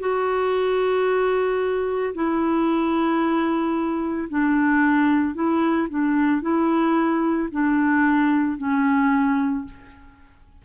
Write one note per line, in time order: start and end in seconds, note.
0.00 2.14 F#4
2.15 4.29 E4
4.30 5.35 D4
5.35 5.88 E4
5.89 6.42 D4
6.42 7.49 E4
7.52 8.58 D4
8.58 9.65 C#4